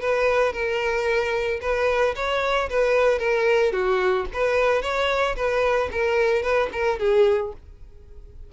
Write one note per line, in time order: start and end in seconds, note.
0.00 0.52 B4
0.52 1.59 A#4
1.61 2.14 B4
2.15 2.69 C#5
2.69 3.19 B4
3.19 3.72 A#4
3.72 4.26 F#4
4.33 4.82 B4
4.82 5.35 C#5
5.35 5.89 B4
5.91 6.42 A#4
6.42 6.69 B4
6.72 6.99 A#4
6.99 7.52 G#4